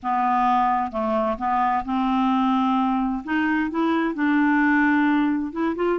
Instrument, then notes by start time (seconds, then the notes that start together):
clarinet
0.02 B3
0.91 A3
1.37 B3
1.84 C4
3.24 D#4
3.70 E4
4.14 D4
5.52 E4
5.75 F4